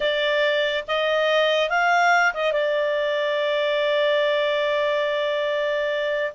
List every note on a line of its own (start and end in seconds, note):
0.00 0.84 D5
0.87 1.69 D#5
1.69 2.33 F5
2.34 2.52 D#5
2.52 6.32 D5